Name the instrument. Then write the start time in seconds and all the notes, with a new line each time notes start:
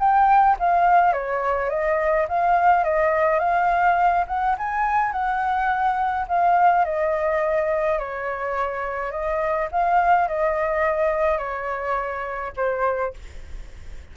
flute
0.00 G5
0.59 F5
1.14 C#5
1.70 D#5
2.29 F5
2.85 D#5
3.40 F5
4.28 F#5
4.58 G#5
5.13 F#5
6.28 F5
6.85 D#5
7.99 C#5
9.12 D#5
9.72 F5
10.28 D#5
11.39 C#5
12.57 C5